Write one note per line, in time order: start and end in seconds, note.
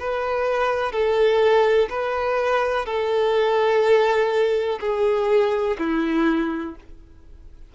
0.00 0.92 B4
0.92 1.89 A4
1.90 2.86 B4
2.86 4.79 A4
4.81 5.78 G#4
5.79 6.76 E4